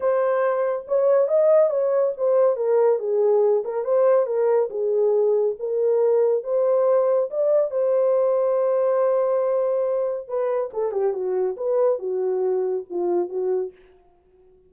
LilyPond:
\new Staff \with { instrumentName = "horn" } { \time 4/4 \tempo 4 = 140 c''2 cis''4 dis''4 | cis''4 c''4 ais'4 gis'4~ | gis'8 ais'8 c''4 ais'4 gis'4~ | gis'4 ais'2 c''4~ |
c''4 d''4 c''2~ | c''1 | b'4 a'8 g'8 fis'4 b'4 | fis'2 f'4 fis'4 | }